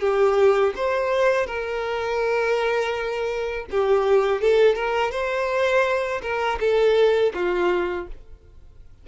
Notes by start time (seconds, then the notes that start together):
0.00 G4
0.75 C5
1.46 A#4
3.70 G4
4.41 A4
4.75 A#4
5.11 C5
6.22 A#4
6.60 A4
7.34 F4